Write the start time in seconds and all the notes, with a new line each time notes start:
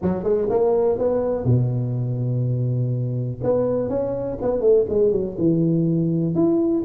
0.01 F#3
0.23 G#3
0.49 A#3
0.98 B3
1.45 B2
3.43 B3
3.89 C#4
4.41 B3
4.61 A3
4.89 G#3
5.11 F#3
5.38 E3
6.34 E4